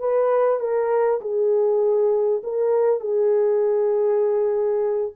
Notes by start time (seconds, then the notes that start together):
0.00 B4
0.60 A#4
1.22 G#4
2.44 A#4
3.01 G#4